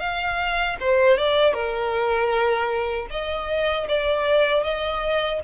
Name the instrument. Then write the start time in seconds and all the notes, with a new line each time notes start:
violin
0.00 F5
0.80 C5
1.17 D5
1.54 A#4
3.10 D#5
3.89 D5
4.64 D#5